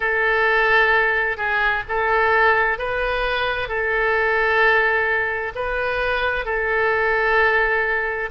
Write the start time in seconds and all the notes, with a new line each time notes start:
0.00 A4
1.37 G#4
1.88 A4
2.78 B4
3.68 A4
5.55 B4
6.45 A4